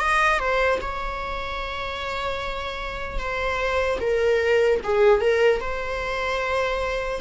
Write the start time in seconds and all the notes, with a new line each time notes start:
0.00 D#5
0.40 C5
0.82 C#5
3.19 C5
4.01 A#4
4.84 G#4
5.21 A#4
5.61 C5